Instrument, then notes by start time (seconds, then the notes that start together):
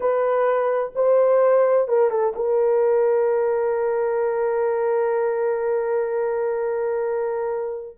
horn
0.00 B4
0.95 C5
1.87 A#4
2.10 A4
2.35 A#4